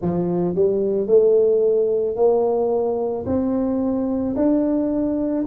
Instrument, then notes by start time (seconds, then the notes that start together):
tuba
0.01 F3
0.55 G3
1.07 A3
2.16 A#3
3.26 C4
4.35 D4